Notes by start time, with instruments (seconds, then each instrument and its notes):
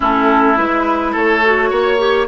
0.00 bassoon A3, clarinet C#4, oboe E4, flute A4
0.56 bassoon G#3, clarinet E4, flute B4
1.12 bassoon A3, oboe A4, flute C#5
1.44 clarinet F#4
1.70 bassoon A#3, oboe C#5
1.97 clarinet G4